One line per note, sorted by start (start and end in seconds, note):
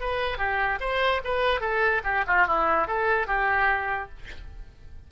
0.00 0.38 B4
0.38 0.79 G4
0.80 1.21 C5
1.24 1.61 B4
1.61 2.02 A4
2.04 2.24 G4
2.27 2.47 F4
2.47 2.87 E4
2.87 3.27 A4
3.27 4.09 G4